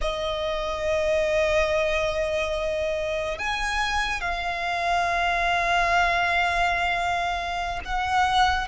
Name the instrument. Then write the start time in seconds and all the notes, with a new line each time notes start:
violin
0.01 D#5
3.38 G#5
4.20 F5
7.84 F#5